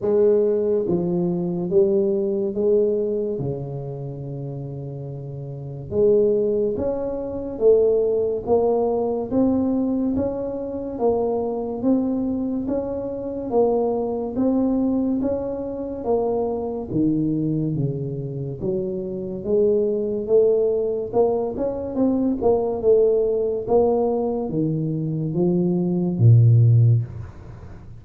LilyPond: \new Staff \with { instrumentName = "tuba" } { \time 4/4 \tempo 4 = 71 gis4 f4 g4 gis4 | cis2. gis4 | cis'4 a4 ais4 c'4 | cis'4 ais4 c'4 cis'4 |
ais4 c'4 cis'4 ais4 | dis4 cis4 fis4 gis4 | a4 ais8 cis'8 c'8 ais8 a4 | ais4 dis4 f4 ais,4 | }